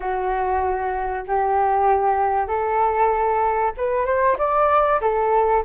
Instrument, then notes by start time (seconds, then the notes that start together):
flute
0.00 F#4
1.27 G4
2.47 A4
3.77 B4
4.05 C5
4.38 D5
5.01 A4